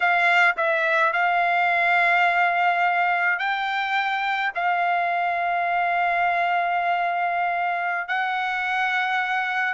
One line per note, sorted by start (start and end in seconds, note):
0.00 0.55 F5
0.56 1.12 E5
1.12 3.39 F5
3.39 4.52 G5
4.54 8.08 F5
8.08 9.73 F#5